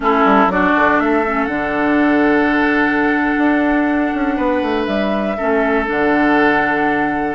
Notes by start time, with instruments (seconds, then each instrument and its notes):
0.00 bassoon A3, clarinet C#4, oboe E4, flute A4
0.25 bassoon G3
0.46 bassoon F#3, clarinet D4, oboe F#4, flute D5
0.75 bassoon D3
0.99 bassoon A3, oboe A4, flute E5
1.26 clarinet C#4
1.45 bassoon D3, clarinet D4, flute F#5
3.37 bassoon D4
4.14 bassoon C#4
4.36 bassoon B3, oboe B4
4.62 bassoon A3
4.85 bassoon G3, flute E5
5.37 bassoon A3, clarinet C#4, oboe A4
5.85 bassoon D3, clarinet D4, flute F#5